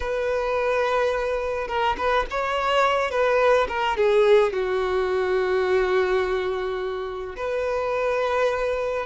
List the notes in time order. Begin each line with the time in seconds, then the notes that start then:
0.00 B4
1.67 A#4
1.97 B4
2.30 C#5
3.10 B4
3.68 A#4
3.96 G#4
4.52 F#4
7.36 B4